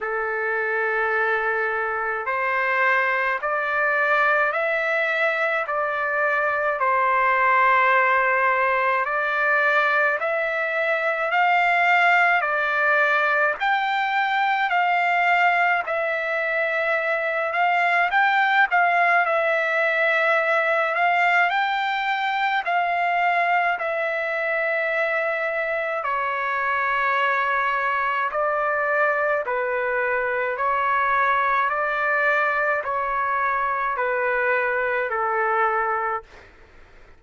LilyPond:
\new Staff \with { instrumentName = "trumpet" } { \time 4/4 \tempo 4 = 53 a'2 c''4 d''4 | e''4 d''4 c''2 | d''4 e''4 f''4 d''4 | g''4 f''4 e''4. f''8 |
g''8 f''8 e''4. f''8 g''4 | f''4 e''2 cis''4~ | cis''4 d''4 b'4 cis''4 | d''4 cis''4 b'4 a'4 | }